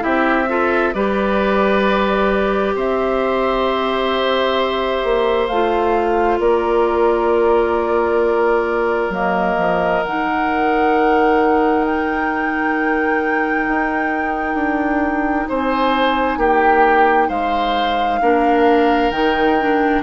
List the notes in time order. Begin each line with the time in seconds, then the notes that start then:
0.00 C4 E4 G4 E5
0.49 F4 A4
0.94 G3 G4 B4 D5
2.75 C4 C5 E5
5.04 A#3
5.48 A3 F4 F5
6.39 A#3 A#4 D5
9.10 F#3 A#3 D#5
9.58 F3
10.04 D#3 D#4 F#5
11.85 G5
13.68 D#4
14.54 D4
15.49 C4 C5 G#5
16.38 A#3 G4 G5
17.28 G#3 C5 F5
18.21 A#3 D4 A#4
19.11 D#3 D#4 G5
19.60 D4